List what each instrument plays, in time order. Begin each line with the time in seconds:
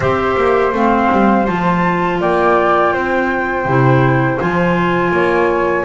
0.00 double bass C4, clarinet G4, flute C5 E5
0.36 double bass A#3
0.72 double bass A3, clarinet C4, flute F5
1.11 double bass G3
1.46 double bass F3, clarinet F4, flute A5
2.20 double bass A#3, flute D5 G5
2.93 double bass C4, flute C5
3.65 double bass C3, clarinet E4
4.39 double bass F3, clarinet F4, flute G#5
5.11 double bass A#3, flute C#5